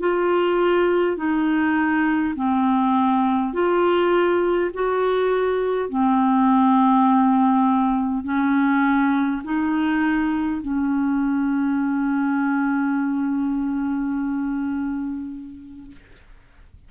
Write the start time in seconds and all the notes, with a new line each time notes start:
0.00 F4
1.17 D#4
2.35 C4
3.53 F4
4.73 F#4
5.89 C4
8.24 C#4
9.44 D#4
10.61 C#4